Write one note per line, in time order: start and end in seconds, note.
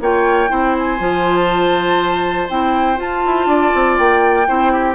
0.00 0.50 A#3
0.00 0.48 F4
0.00 0.50 C#5
0.00 0.76 G5
0.48 0.99 C4
0.48 0.97 E4
0.48 3.47 C5
0.79 1.36 G#5
0.99 2.48 F3
0.99 2.48 F4
1.36 2.48 A5
2.49 2.98 C4
2.49 2.96 E4
2.49 2.99 G5
2.96 4.45 F4
2.96 3.23 F4
2.96 3.97 A5
3.26 3.46 E4
3.46 3.71 D4
3.46 4.47 D5
3.74 3.98 C4
3.97 4.48 A#3
3.97 4.95 G5
4.46 4.95 C4
4.46 4.95 E4
4.46 4.72 C5
4.72 4.95 G4